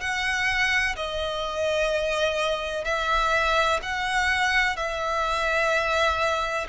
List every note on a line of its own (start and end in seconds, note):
0.00 0.95 F#5
0.96 2.84 D#5
2.84 3.80 E5
3.82 4.76 F#5
4.76 6.67 E5